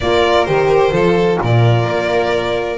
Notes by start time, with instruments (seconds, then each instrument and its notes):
0.00 double bass A#3, horn F4, violin A#4 D5
0.45 double bass D#3, horn G4, violin C5
0.91 double bass F3, horn F4, violin A4
1.41 double bass A#2, violin A#4 D5
1.85 double bass A#3